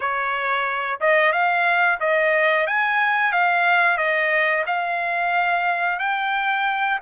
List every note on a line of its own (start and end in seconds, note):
0.00 0.99 C#5
1.00 1.32 D#5
1.32 1.98 F5
2.00 2.66 D#5
2.66 3.32 G#5
3.32 3.97 F5
3.97 4.64 D#5
4.66 5.98 F5
5.98 6.98 G5